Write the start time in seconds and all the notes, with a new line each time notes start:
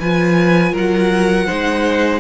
0.00 F3 F4 B4 G#5
0.72 F#3 A#4 F#5
1.46 G#3 D#4 C5